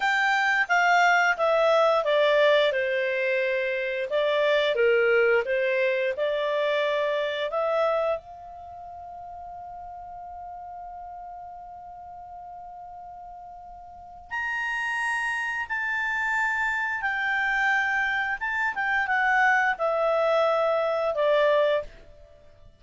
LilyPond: \new Staff \with { instrumentName = "clarinet" } { \time 4/4 \tempo 4 = 88 g''4 f''4 e''4 d''4 | c''2 d''4 ais'4 | c''4 d''2 e''4 | f''1~ |
f''1~ | f''4 ais''2 a''4~ | a''4 g''2 a''8 g''8 | fis''4 e''2 d''4 | }